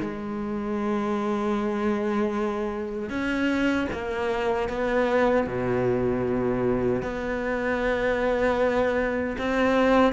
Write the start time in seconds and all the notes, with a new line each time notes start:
0.00 G#3
3.09 C#4
3.92 A#3
4.69 B3
5.47 B2
7.02 B3
9.38 C4